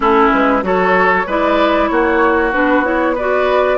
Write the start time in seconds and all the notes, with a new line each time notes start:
0.00 A3 C#4 E4 A4
0.33 G#3 B4
0.62 F#3 F#4 A4 C#5
1.26 G#3 E4 B4 D5
1.88 A#3 F#4 C#5
2.52 B3 D4 B4
2.84 E4 C#5
3.14 F#4 B4 D5